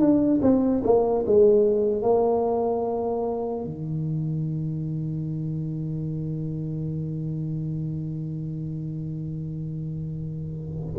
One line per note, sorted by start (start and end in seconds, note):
0.00 0.41 D4
0.42 0.83 C4
0.84 1.25 A#3
1.26 2.02 G#3
2.02 3.64 A#3
3.64 10.94 D#3